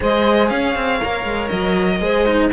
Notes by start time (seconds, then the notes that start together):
0.00 G#3 G#4 C5 D#5
0.48 C#4 C#5 F5
0.75 C4
1.03 A#3 A#4
1.24 G#3
1.48 F#3 D#5
2.00 G#3 G#4 C5
2.25 D#4